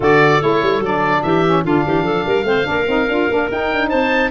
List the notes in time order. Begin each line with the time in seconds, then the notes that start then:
0.00 D3 F#4 A4 D5
0.40 A3 E4 C#5
0.62 G3
0.79 F#3 D4 D5
1.22 E3 G4 E5
1.45 C#4
1.63 D3 D4 F4 F5
1.86 E3 G4
2.03 F3 A4
2.26 G3 A#4
2.43 A3 C4 C5
2.64 A#3 D4 A#4
2.87 C4 D#4
3.08 D4 F4
3.29 A#3 D4
3.50 D#4 G5
3.72 D4
3.88 C4 C5 A5